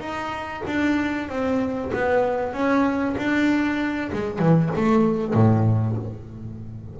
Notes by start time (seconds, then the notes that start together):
0.00 D#4
0.67 D4
1.29 C4
1.93 B3
2.53 C#4
3.17 D4
4.12 G#3
4.39 E3
4.75 A3
5.34 A2